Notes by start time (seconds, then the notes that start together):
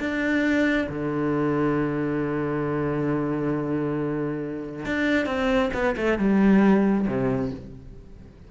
0.00 D4
0.89 D3
4.86 D4
5.27 C4
5.74 B3
5.97 A3
6.19 G3
7.07 C3